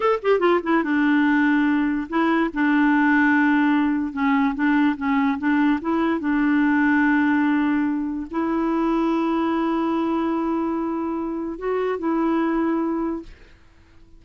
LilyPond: \new Staff \with { instrumentName = "clarinet" } { \time 4/4 \tempo 4 = 145 a'8 g'8 f'8 e'8 d'2~ | d'4 e'4 d'2~ | d'2 cis'4 d'4 | cis'4 d'4 e'4 d'4~ |
d'1 | e'1~ | e'1 | fis'4 e'2. | }